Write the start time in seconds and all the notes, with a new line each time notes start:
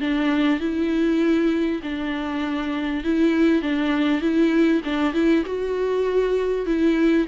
0.00 D4
0.60 E4
1.83 D4
3.04 E4
3.62 D4
4.21 E4
4.84 D4
5.13 E4
5.45 F#4
6.66 E4